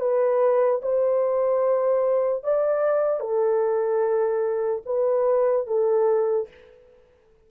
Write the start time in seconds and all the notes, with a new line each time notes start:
0.00 B4
0.81 C5
2.43 D5
3.20 A4
4.85 B4
5.66 A4